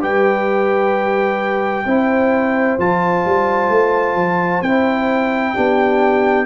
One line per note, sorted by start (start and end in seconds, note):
0.00 1.85 G3
0.00 1.85 G4
0.00 1.85 B4
0.00 2.79 G5
1.85 2.77 C4
1.85 2.79 E4
1.85 5.53 C5
2.78 3.24 F3
2.78 4.63 F4
2.78 4.62 A5
3.25 3.69 G3
3.69 4.14 A3
4.14 4.61 F3
4.61 5.54 C4
4.61 5.55 E4
4.61 6.45 G5
5.53 6.45 B3
5.53 6.45 D4
5.53 6.45 G4